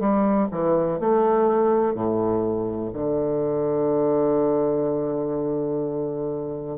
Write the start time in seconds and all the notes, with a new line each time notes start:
0.00 G3
0.52 E3
1.00 A3
1.95 A2
2.94 D3